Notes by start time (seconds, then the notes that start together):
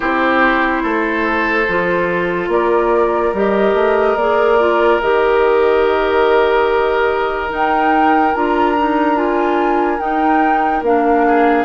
0.00 C4 E4 G4 C5
0.82 A3 A4
1.68 F3 F4
2.48 A#3 A#4 D5
3.33 G3 G4 D#5
3.74 A3
4.15 A#3 G#4 D5
4.58 F4
5.01 D#3 G4 D#5
7.49 D#4 G5
8.34 D4 F4 A#5
8.77 D#4
9.15 F4 G#5
9.98 D#4 G5
10.82 A#3 D4 F5
11.27 G#4